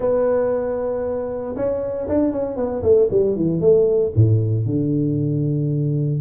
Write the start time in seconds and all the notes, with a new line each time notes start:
0.00 B3
1.56 C#4
2.08 D4
2.32 C#4
2.56 B3
2.82 A3
3.10 G3
3.36 E3
3.60 A3
4.15 A2
4.66 D3